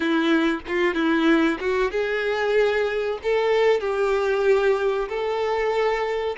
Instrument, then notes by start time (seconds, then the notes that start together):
violin
0.00 E4
0.67 F4
0.94 E4
1.60 F#4
1.91 G#4
3.22 A4
3.80 G4
5.08 A4